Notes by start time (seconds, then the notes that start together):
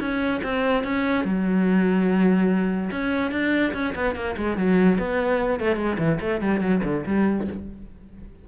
0.00 C#4
0.43 C4
0.84 C#4
1.25 F#3
2.92 C#4
3.32 D4
3.74 C#4
3.95 B3
4.15 A#3
4.37 G#3
4.57 F#3
4.98 B3
5.60 A3
5.77 G#3
5.99 E3
6.21 A3
6.41 G3
6.61 F#3
6.84 D3
7.06 G3